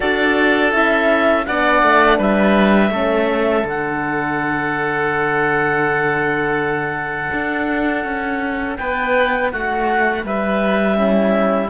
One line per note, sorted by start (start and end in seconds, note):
0.00 0.73 D4
0.00 0.72 F#4
0.00 1.45 A4
0.00 0.73 D5
0.72 1.46 C#4
0.72 1.45 E4
0.72 1.45 E5
1.45 1.82 B3
1.45 2.92 D4
1.45 2.18 D5
1.45 2.18 F#5
1.82 2.18 A3
2.18 2.90 G3
2.18 2.91 B4
2.18 3.67 E5
2.90 3.63 A3
2.90 3.66 C#4
2.90 8.77 A4
3.64 7.30 D3
3.64 10.95 D4
3.64 8.76 F#5
7.32 8.04 D4
8.04 8.77 C#4
8.76 9.52 B3
8.76 9.52 B4
8.76 9.49 G5
9.51 10.23 A3
9.51 10.25 F#4
9.51 10.24 F#5
10.23 11.69 G3
10.23 10.97 B4
10.23 11.69 E5
10.95 11.68 C#4
10.95 11.69 E4